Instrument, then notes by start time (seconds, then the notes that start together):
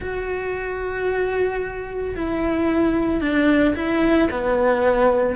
cello
0.00 F#4
2.15 E4
3.20 D4
3.75 E4
4.31 B3